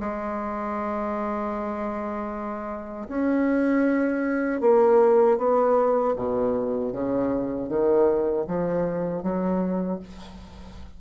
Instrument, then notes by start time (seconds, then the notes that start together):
bassoon
0.00 G#3
3.09 C#4
4.61 A#3
5.38 B3
6.16 B2
6.92 C#3
7.69 D#3
8.48 F3
9.23 F#3